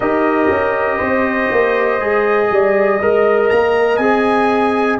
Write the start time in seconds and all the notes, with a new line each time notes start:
0.00 D#4 G4 A#4 D#5
0.49 C#4
0.97 C4 C5
1.51 A#3
2.00 G#3 G#4
2.50 G3 D5
3.00 G#3 A#4 D#5
3.49 A#3 A#5
3.96 C4 G#4 G#5